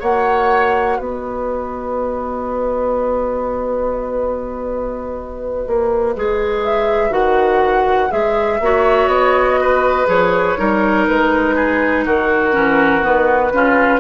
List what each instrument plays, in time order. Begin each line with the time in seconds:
0.00 bassoon A#3, clarinet F#4, oboe C#5, flute F#5
0.98 bassoon B3, oboe B4, flute D#5
5.67 bassoon A#3
6.16 bassoon G#3, clarinet G#4
6.64 flute E5
7.10 bassoon D#3, clarinet F#4, flute F#5
8.10 bassoon G#3, clarinet G#4, flute E5
8.60 bassoon A#3, clarinet F#4, oboe C#5
9.07 bassoon B3, flute D#5
9.61 oboe B4
10.07 bassoon F3, clarinet G#4, flute C#5
10.58 bassoon G3, clarinet D#4, oboe A#4
11.08 bassoon G#3, flute B4
11.55 oboe G#4
12.05 bassoon D#3, oboe F#4, flute A#4
12.52 bassoon E3, clarinet C#4
13.02 bassoon D#3, clarinet B3, flute B4
13.52 bassoon C#3, clarinet C#4, oboe F4